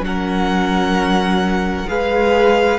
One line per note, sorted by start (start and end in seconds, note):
0.00 1.85 F#3
0.00 1.86 C#4
0.00 1.89 A#4
0.00 1.88 F#5
1.87 2.78 G#3
1.87 2.78 G#4
1.87 2.78 B4
1.87 2.78 F5